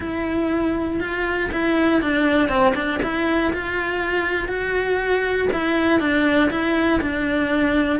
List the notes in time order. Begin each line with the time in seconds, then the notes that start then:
0.00 E4
1.00 F4
1.51 E4
2.01 D4
2.48 C4
2.75 D4
3.02 E4
3.53 F4
4.48 F#4
5.52 E4
6.00 D4
6.50 E4
7.01 D4